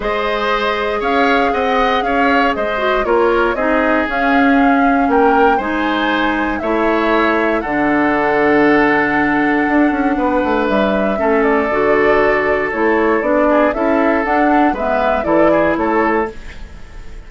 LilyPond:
<<
  \new Staff \with { instrumentName = "flute" } { \time 4/4 \tempo 4 = 118 dis''2 f''4 fis''4 | f''4 dis''4 cis''4 dis''4 | f''2 g''4 gis''4~ | gis''4 e''2 fis''4~ |
fis''1~ | fis''4 e''4. d''4.~ | d''4 cis''4 d''4 e''4 | fis''4 e''4 d''4 cis''4 | }
  \new Staff \with { instrumentName = "oboe" } { \time 4/4 c''2 cis''4 dis''4 | cis''4 c''4 ais'4 gis'4~ | gis'2 ais'4 c''4~ | c''4 cis''2 a'4~ |
a'1 | b'2 a'2~ | a'2~ a'8 gis'8 a'4~ | a'4 b'4 a'8 gis'8 a'4 | }
  \new Staff \with { instrumentName = "clarinet" } { \time 4/4 gis'1~ | gis'4. fis'8 f'4 dis'4 | cis'2. dis'4~ | dis'4 e'2 d'4~ |
d'1~ | d'2 cis'4 fis'4~ | fis'4 e'4 d'4 e'4 | d'4 b4 e'2 | }
  \new Staff \with { instrumentName = "bassoon" } { \time 4/4 gis2 cis'4 c'4 | cis'4 gis4 ais4 c'4 | cis'2 ais4 gis4~ | gis4 a2 d4~ |
d2. d'8 cis'8 | b8 a8 g4 a4 d4~ | d4 a4 b4 cis'4 | d'4 gis4 e4 a4 | }
>>